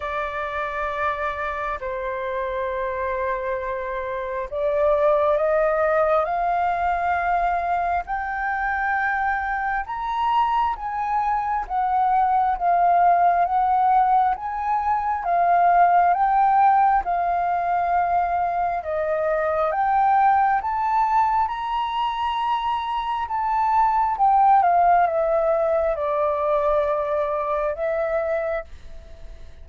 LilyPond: \new Staff \with { instrumentName = "flute" } { \time 4/4 \tempo 4 = 67 d''2 c''2~ | c''4 d''4 dis''4 f''4~ | f''4 g''2 ais''4 | gis''4 fis''4 f''4 fis''4 |
gis''4 f''4 g''4 f''4~ | f''4 dis''4 g''4 a''4 | ais''2 a''4 g''8 f''8 | e''4 d''2 e''4 | }